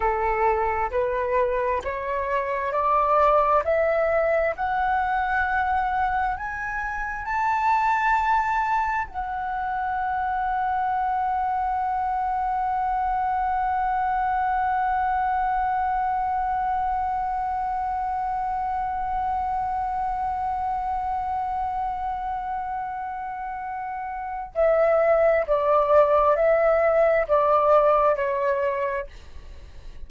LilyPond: \new Staff \with { instrumentName = "flute" } { \time 4/4 \tempo 4 = 66 a'4 b'4 cis''4 d''4 | e''4 fis''2 gis''4 | a''2 fis''2~ | fis''1~ |
fis''1~ | fis''1~ | fis''2. e''4 | d''4 e''4 d''4 cis''4 | }